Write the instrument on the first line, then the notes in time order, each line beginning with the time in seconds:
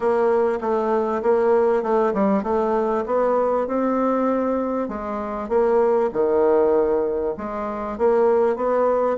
bassoon
0.00 A#3
0.60 A3
1.22 A#3
1.82 A3
2.13 G3
2.43 A3
3.06 B3
3.67 C4
4.88 G#3
5.48 A#3
6.12 D#3
7.37 G#3
7.98 A#3
8.55 B3